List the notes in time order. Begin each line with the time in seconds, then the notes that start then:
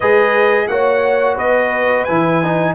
0.00 G#3 G#4 B4 D#5
0.67 A#3 F#4 C#5 F#5
1.34 B3 B4 D#5
2.04 E3 E4 G#5
2.43 D#4